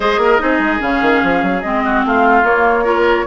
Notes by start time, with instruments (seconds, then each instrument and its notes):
0.00 bassoon G#3, clarinet G#4, oboe C5, flute D#5
0.17 bassoon A#3, oboe A#4
0.39 bassoon C4, clarinet D#4, oboe G#4
0.59 bassoon G#3
0.79 bassoon C#3, clarinet C#4, flute F5
1.01 bassoon D#3
1.23 bassoon F3
1.42 bassoon F#3
1.61 bassoon G#3, clarinet C4, flute D#5
1.84 oboe F#4
2.04 bassoon A3, oboe F4, flute F5
2.43 bassoon A#3, clarinet A#3, flute C#5
2.84 clarinet F4, oboe A#4